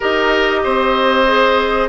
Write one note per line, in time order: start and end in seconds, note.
0.00 0.65 D#4
0.00 1.27 G4
0.00 0.60 A#4
0.00 1.89 D#5
0.63 1.89 C4
0.63 1.89 C5
1.27 1.89 G#4